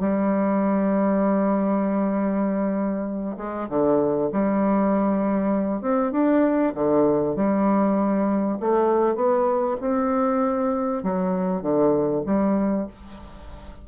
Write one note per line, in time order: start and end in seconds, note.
0.00 3.37 G3
3.37 3.68 G#3
3.69 4.31 D3
4.32 5.82 G3
5.82 6.12 C4
6.12 6.73 D4
6.75 7.36 D3
7.36 8.59 G3
8.60 9.16 A3
9.16 9.77 B3
9.81 11.03 C4
11.03 11.62 F#3
11.62 12.23 D3
12.26 12.87 G3